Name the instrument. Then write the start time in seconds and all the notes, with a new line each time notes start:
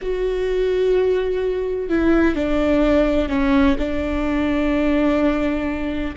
viola
0.01 F#4
1.89 E4
2.35 D4
3.28 C#4
3.78 D4